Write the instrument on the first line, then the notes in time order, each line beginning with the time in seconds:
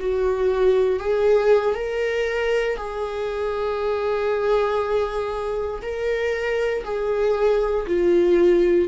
viola
0.00 F#4
1.00 G#4
1.75 A#4
2.77 G#4
5.82 A#4
6.85 G#4
7.87 F4